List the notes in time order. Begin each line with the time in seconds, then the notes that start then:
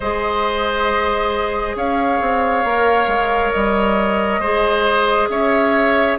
0.00 G#3 G#4 C5 D#5
1.75 C#4 C#5 F5
2.20 C4
2.64 A#3 A#4
3.07 G#3
3.51 G3 D#5
4.39 G#3 G#4 C5
5.28 C#4 C#5 E5